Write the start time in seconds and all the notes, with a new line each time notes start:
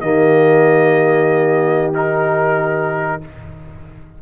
0.00 D#3 A#3 G4 D#5
1.93 D#4 A#4